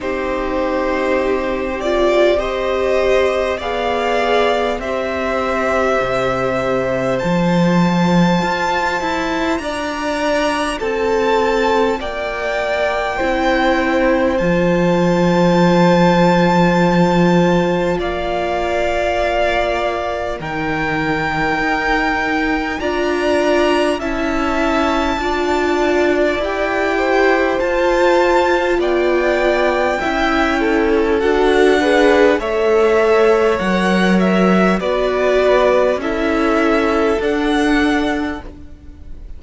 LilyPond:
<<
  \new Staff \with { instrumentName = "violin" } { \time 4/4 \tempo 4 = 50 c''4. d''8 dis''4 f''4 | e''2 a''2 | ais''4 a''4 g''2 | a''2. f''4~ |
f''4 g''2 ais''4 | a''2 g''4 a''4 | g''2 fis''4 e''4 | fis''8 e''8 d''4 e''4 fis''4 | }
  \new Staff \with { instrumentName = "violin" } { \time 4/4 g'2 c''4 d''4 | c''1 | d''4 a'4 d''4 c''4~ | c''2. d''4~ |
d''4 ais'2 d''4 | e''4 d''4. c''4. | d''4 e''8 a'4 b'8 cis''4~ | cis''4 b'4 a'2 | }
  \new Staff \with { instrumentName = "viola" } { \time 4/4 dis'4. f'8 g'4 gis'4 | g'2 f'2~ | f'2. e'4 | f'1~ |
f'4 dis'2 f'4 | e'4 f'4 g'4 f'4~ | f'4 e'4 fis'8 gis'8 a'4 | ais'4 fis'4 e'4 d'4 | }
  \new Staff \with { instrumentName = "cello" } { \time 4/4 c'2. b4 | c'4 c4 f4 f'8 e'8 | d'4 c'4 ais4 c'4 | f2. ais4~ |
ais4 dis4 dis'4 d'4 | cis'4 d'4 e'4 f'4 | b4 cis'4 d'4 a4 | fis4 b4 cis'4 d'4 | }
>>